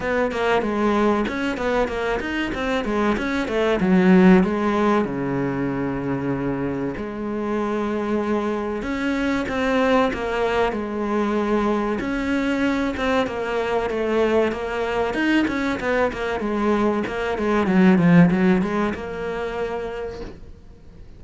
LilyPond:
\new Staff \with { instrumentName = "cello" } { \time 4/4 \tempo 4 = 95 b8 ais8 gis4 cis'8 b8 ais8 dis'8 | c'8 gis8 cis'8 a8 fis4 gis4 | cis2. gis4~ | gis2 cis'4 c'4 |
ais4 gis2 cis'4~ | cis'8 c'8 ais4 a4 ais4 | dis'8 cis'8 b8 ais8 gis4 ais8 gis8 | fis8 f8 fis8 gis8 ais2 | }